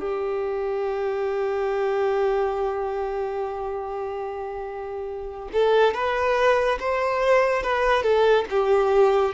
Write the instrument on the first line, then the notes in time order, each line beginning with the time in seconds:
violin
0.00 G4
5.53 A4
5.94 B4
6.80 C5
7.63 B4
8.02 A4
8.50 G4